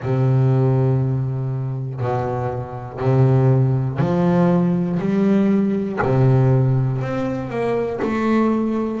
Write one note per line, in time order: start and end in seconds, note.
0.02 2.00 C3
2.00 2.99 B2
2.99 3.98 C3
3.98 4.98 F3
4.99 5.99 G3
6.01 7.01 C3
7.01 7.50 C4
7.50 8.00 A#3
8.01 9.00 A3